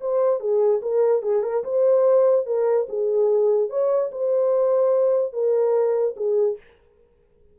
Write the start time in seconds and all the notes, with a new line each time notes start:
0.00 C5
0.40 G#4
0.82 A#4
1.22 G#4
1.43 A#4
1.64 C5
2.45 A#4
2.89 G#4
3.69 C#5
4.11 C5
5.33 A#4
6.16 G#4